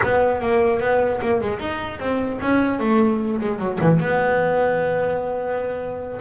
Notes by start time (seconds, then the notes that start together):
0.03 B3
0.41 A#3
0.80 B3
1.21 A#3
1.40 G#3
1.59 D#4
1.99 C4
2.41 C#4
2.79 A3
3.40 G#3
3.58 F#3
3.80 E3
3.99 B3